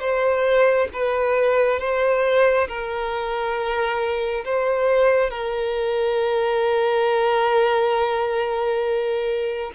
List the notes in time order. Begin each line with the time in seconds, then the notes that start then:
0.00 C5
0.93 B4
1.80 C5
2.68 A#4
4.45 C5
5.31 A#4